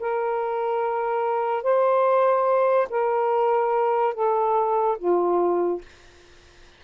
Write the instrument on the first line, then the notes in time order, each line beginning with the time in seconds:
saxophone
0.00 A#4
1.64 C5
2.90 A#4
4.15 A4
4.99 F4